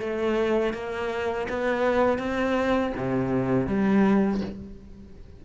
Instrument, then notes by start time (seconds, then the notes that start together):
cello
0.00 A3
0.73 A#3
1.49 B3
2.19 C4
2.97 C3
3.67 G3